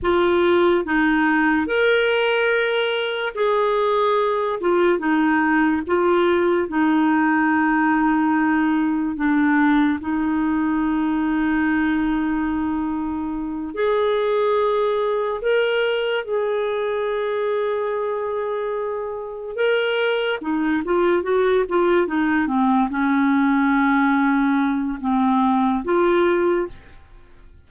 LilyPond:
\new Staff \with { instrumentName = "clarinet" } { \time 4/4 \tempo 4 = 72 f'4 dis'4 ais'2 | gis'4. f'8 dis'4 f'4 | dis'2. d'4 | dis'1~ |
dis'8 gis'2 ais'4 gis'8~ | gis'2.~ gis'8 ais'8~ | ais'8 dis'8 f'8 fis'8 f'8 dis'8 c'8 cis'8~ | cis'2 c'4 f'4 | }